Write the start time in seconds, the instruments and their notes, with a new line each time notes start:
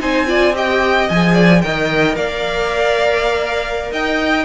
0.00 cello C4, viola D#4, violin C5 G#5
0.27 viola F4, violin D5
0.55 viola G4, violin D#5 G5
1.09 cello F3, viola G#4, violin G#5
1.34 violin D5
1.62 cello D#3, viola A#4, violin D#5 G5
2.16 cello A#3, violin D5 F5
3.91 cello D#4, violin D#5 G5